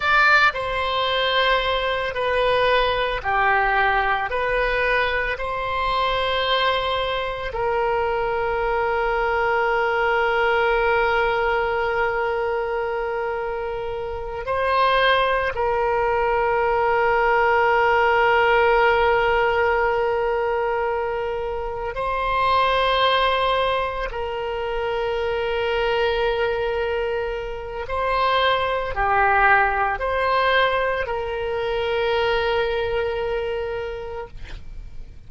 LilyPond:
\new Staff \with { instrumentName = "oboe" } { \time 4/4 \tempo 4 = 56 d''8 c''4. b'4 g'4 | b'4 c''2 ais'4~ | ais'1~ | ais'4. c''4 ais'4.~ |
ais'1~ | ais'8 c''2 ais'4.~ | ais'2 c''4 g'4 | c''4 ais'2. | }